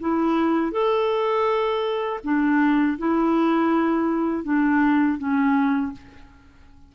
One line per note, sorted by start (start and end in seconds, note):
0.00 0.71 E4
0.71 2.20 A4
2.24 2.98 D4
2.98 4.44 E4
4.44 5.18 D4
5.18 5.92 C#4